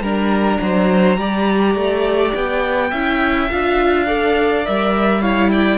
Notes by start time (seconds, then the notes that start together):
0.00 G3 D4 A#4 A#5
0.61 F#3 C5
1.17 G3 G4 D5
1.75 A3
2.34 B3 G5
2.90 C#4 E4 E5
3.50 D4 F4 F5
4.06 A4 D5
4.64 G3 A#4 E5
5.21 E4 C#5 F5
5.51 D5 G5